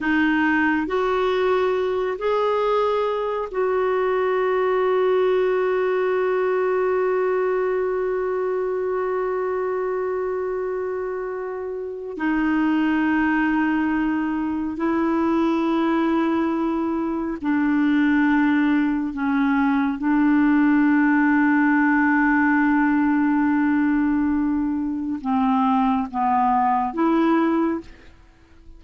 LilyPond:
\new Staff \with { instrumentName = "clarinet" } { \time 4/4 \tempo 4 = 69 dis'4 fis'4. gis'4. | fis'1~ | fis'1~ | fis'2 dis'2~ |
dis'4 e'2. | d'2 cis'4 d'4~ | d'1~ | d'4 c'4 b4 e'4 | }